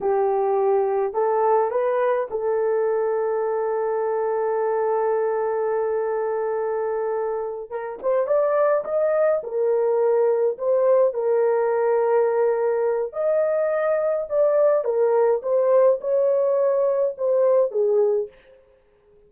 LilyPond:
\new Staff \with { instrumentName = "horn" } { \time 4/4 \tempo 4 = 105 g'2 a'4 b'4 | a'1~ | a'1~ | a'4. ais'8 c''8 d''4 dis''8~ |
dis''8 ais'2 c''4 ais'8~ | ais'2. dis''4~ | dis''4 d''4 ais'4 c''4 | cis''2 c''4 gis'4 | }